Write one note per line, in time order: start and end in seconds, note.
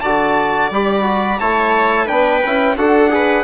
0.00 0.70 D3
0.00 0.72 F#4
0.00 1.39 D5
0.00 0.69 A5
0.70 1.39 G3
0.70 1.02 G4
0.70 1.39 B5
1.02 1.36 F#4
1.39 2.09 A3
1.39 2.06 E4
1.39 2.05 C#5
1.39 2.08 A5
2.05 2.43 B3
2.05 2.41 D4
2.05 2.74 B4
2.05 2.77 G5
2.44 2.76 C#4
2.44 2.77 E4
2.76 3.44 D4
2.76 3.09 F#4
2.76 3.11 A4
2.76 3.44 F#5
3.09 3.44 G#4
3.09 3.44 B4